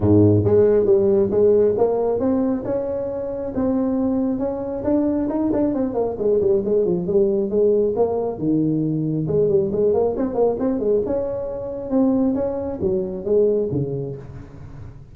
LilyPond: \new Staff \with { instrumentName = "tuba" } { \time 4/4 \tempo 4 = 136 gis,4 gis4 g4 gis4 | ais4 c'4 cis'2 | c'2 cis'4 d'4 | dis'8 d'8 c'8 ais8 gis8 g8 gis8 f8 |
g4 gis4 ais4 dis4~ | dis4 gis8 g8 gis8 ais8 c'8 ais8 | c'8 gis8 cis'2 c'4 | cis'4 fis4 gis4 cis4 | }